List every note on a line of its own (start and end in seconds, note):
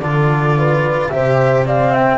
0.00 1.11 D3
0.00 1.12 F4
0.00 0.57 A4
0.00 1.09 D5
0.58 1.13 B4
1.10 2.18 C3
1.10 1.66 G4
1.10 1.67 C5
1.10 1.64 E5
1.66 2.18 C4
1.66 1.91 D5
1.66 1.94 F5
1.91 2.18 E5
1.91 2.18 G5